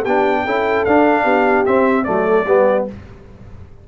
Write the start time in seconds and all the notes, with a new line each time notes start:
0.00 B3 G4 G5
0.07 D4
0.44 C#4 E4 A4
0.84 D4 F5
1.23 B3 G4
1.65 C4 E5
2.04 F#3 A3 A4 D5
2.46 G3 B3 G4